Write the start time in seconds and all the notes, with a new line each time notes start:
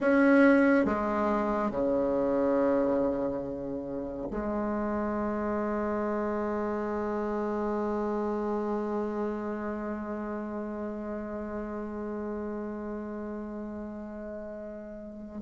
0.00 C#4
0.85 G#3
1.70 C#3
4.30 G#3